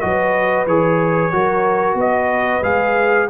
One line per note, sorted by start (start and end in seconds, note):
0.00 0.66 F#3
0.00 0.66 F#4
0.00 1.33 B4
0.00 0.65 D#5
0.66 1.31 E3
0.66 1.32 G#4
0.66 1.97 C#5
1.32 1.94 F#3
1.32 2.62 F#4
1.32 1.98 A#4
1.94 2.59 B3
1.94 3.30 B4
2.00 2.63 D#5
2.62 3.28 G#3
2.62 3.28 G#4
2.62 3.29 F5